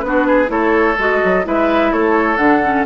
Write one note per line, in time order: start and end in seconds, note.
0.00 0.49 B3
0.00 0.46 D4
0.00 0.47 B4
0.07 0.26 F#4
0.26 0.50 G#4
0.46 0.96 A3
0.46 0.94 E4
0.46 1.46 A4
0.46 0.97 C#5
0.98 1.21 G#3
0.98 1.43 F#4
0.98 1.46 D#5
1.24 1.46 F#3
1.43 1.92 G#3
1.43 2.37 E4
1.43 1.92 B4
1.43 1.92 E5
1.92 2.38 A3
1.92 2.85 A4
1.92 2.37 C#5
2.37 2.85 D3
2.37 2.60 D4
2.37 2.84 F#5
2.64 2.85 C#4